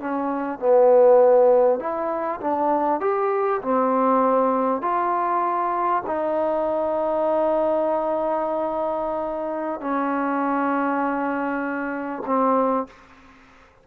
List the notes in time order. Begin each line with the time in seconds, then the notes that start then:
0.00 C#4
0.59 B3
1.80 E4
2.41 D4
3.01 G4
3.62 C4
4.82 F4
6.06 D#4
9.80 C#4
12.26 C4